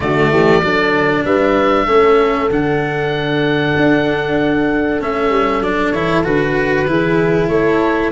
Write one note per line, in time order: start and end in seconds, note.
0.00 0.30 D3
0.00 0.62 A3
0.00 0.31 F#4
0.00 1.24 D5
0.30 0.61 E3
0.30 0.63 G4
0.61 1.24 F#3
0.61 1.87 D4
0.61 1.25 A4
1.24 1.87 G3
1.24 1.85 B4
1.24 2.50 E5
1.85 2.49 A3
1.85 2.50 C#4
1.85 6.85 A4
2.49 3.74 D3
2.49 5.00 D4
2.49 5.01 F#5
3.76 5.01 D4
5.01 5.29 A3
5.01 5.63 C#4
5.01 5.63 E5
5.29 5.60 G3
5.60 5.91 F#3
5.60 5.94 D4
5.60 5.90 D5
5.90 6.23 E3
5.90 6.23 E4
5.90 6.22 C#5
6.23 6.86 D3
6.23 6.86 F#4
6.23 7.48 B4
6.86 7.48 E3
6.86 8.11 E4
6.86 7.50 G#4
7.48 8.10 A3
7.48 8.11 A4
7.48 8.11 C#5